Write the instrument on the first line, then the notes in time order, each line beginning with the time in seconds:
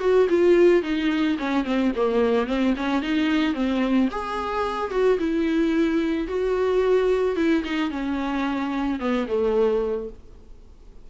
viola
0.00 F#4
0.29 F4
0.82 D#4
1.38 C#4
1.64 C4
1.96 A#3
2.46 C4
2.76 C#4
3.02 D#4
3.54 C4
4.11 G#4
4.90 F#4
5.18 E4
6.27 F#4
7.36 E4
7.64 D#4
7.90 C#4
8.99 B3
9.27 A3